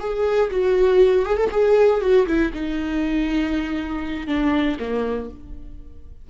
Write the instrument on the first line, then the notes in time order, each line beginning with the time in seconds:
viola
0.00 G#4
0.51 F#4
1.26 G#4
1.37 A4
1.51 G#4
2.01 F#4
2.27 E4
2.53 D#4
4.27 D4
4.80 A#3